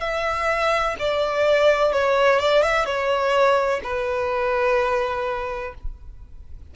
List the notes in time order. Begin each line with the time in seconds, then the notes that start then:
0.00 E5
0.99 D5
1.92 C#5
2.39 D5
2.62 E5
2.85 C#5
3.83 B4